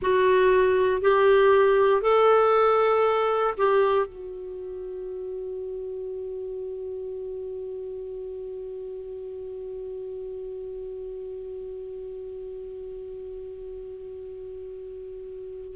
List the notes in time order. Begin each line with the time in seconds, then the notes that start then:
0.01 F#4
1.01 G4
2.01 A4
3.57 G4
4.06 F#4